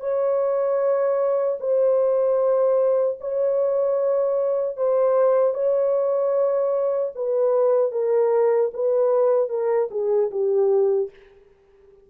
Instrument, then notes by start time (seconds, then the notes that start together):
horn
0.00 C#5
1.60 C5
3.20 C#5
4.77 C5
5.54 C#5
7.15 B4
7.92 A#4
8.73 B4
9.49 A#4
9.90 G#4
10.31 G4